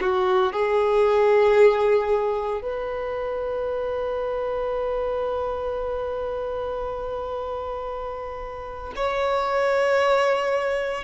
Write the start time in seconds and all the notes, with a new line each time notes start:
0.00 F#4
0.53 G#4
2.62 B4
8.96 C#5